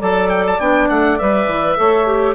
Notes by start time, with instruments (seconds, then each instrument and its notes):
0.00 bassoon F#3, clarinet A4, saxophone D5, oboe A5
0.30 oboe G5
0.47 oboe A5
0.59 bassoon B3, clarinet D4, oboe G5
0.89 bassoon A3, oboe F#5
1.19 bassoon G3, clarinet B4, oboe E5
1.47 bassoon E3
1.77 bassoon A3, clarinet A4, saxophone C#5
2.06 clarinet G4